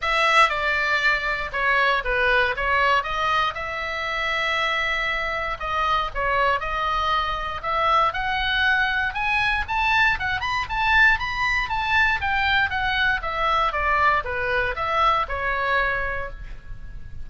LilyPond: \new Staff \with { instrumentName = "oboe" } { \time 4/4 \tempo 4 = 118 e''4 d''2 cis''4 | b'4 cis''4 dis''4 e''4~ | e''2. dis''4 | cis''4 dis''2 e''4 |
fis''2 gis''4 a''4 | fis''8 b''8 a''4 b''4 a''4 | g''4 fis''4 e''4 d''4 | b'4 e''4 cis''2 | }